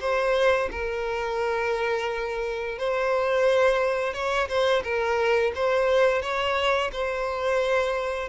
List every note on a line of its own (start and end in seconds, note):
0.00 0.69 C5
0.71 2.78 A#4
2.78 4.13 C5
4.13 4.48 C#5
4.48 4.83 C5
4.84 5.53 A#4
5.55 6.22 C5
6.22 6.91 C#5
6.92 8.29 C5